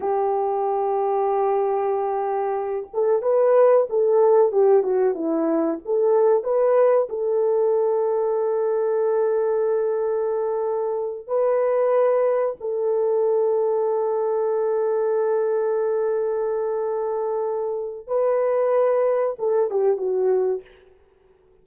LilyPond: \new Staff \with { instrumentName = "horn" } { \time 4/4 \tempo 4 = 93 g'1~ | g'8 a'8 b'4 a'4 g'8 fis'8 | e'4 a'4 b'4 a'4~ | a'1~ |
a'4. b'2 a'8~ | a'1~ | a'1 | b'2 a'8 g'8 fis'4 | }